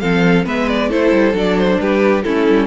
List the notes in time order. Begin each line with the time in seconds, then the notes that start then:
0.00 F3 C4 A4 F5
0.46 G#3 B3 B4 E5
0.69 D5
0.90 A3 E4 A4 C5
1.12 G3
1.33 F#3 D4 D5
1.58 C5
1.80 G3 G4 B4
2.23 A3 C#4 E4 A4
2.49 G3